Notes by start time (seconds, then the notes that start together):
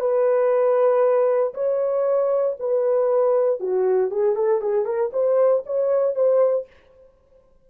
0.00 B4
1.54 C#5
2.60 B4
3.60 F#4
4.11 G#4
4.36 A4
4.62 G#4
4.85 A#4
5.13 C5
5.66 C#5
6.16 C5